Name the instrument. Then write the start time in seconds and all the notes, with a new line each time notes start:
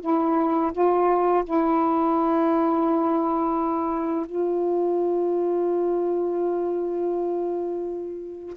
saxophone
0.00 E4
0.72 F4
1.44 E4
4.26 F4